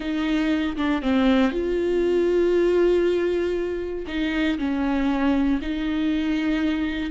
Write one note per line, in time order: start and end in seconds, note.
0.00 0.76 D#4
0.77 1.02 D4
1.02 1.51 C4
1.51 4.05 F4
4.07 4.58 D#4
4.58 5.60 C#4
5.61 7.10 D#4